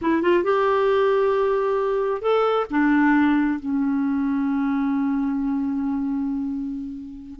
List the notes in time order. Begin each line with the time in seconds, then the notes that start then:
0.01 E4
0.21 F4
0.43 G4
2.21 A4
2.70 D4
3.59 C#4